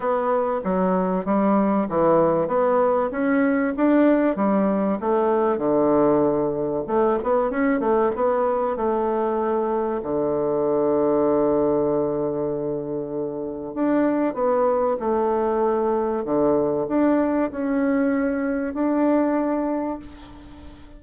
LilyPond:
\new Staff \with { instrumentName = "bassoon" } { \time 4/4 \tempo 4 = 96 b4 fis4 g4 e4 | b4 cis'4 d'4 g4 | a4 d2 a8 b8 | cis'8 a8 b4 a2 |
d1~ | d2 d'4 b4 | a2 d4 d'4 | cis'2 d'2 | }